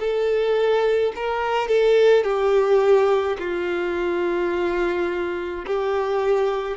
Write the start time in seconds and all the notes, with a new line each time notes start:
0.00 A4
1.16 A#4
1.69 A4
2.24 G4
3.39 F4
5.67 G4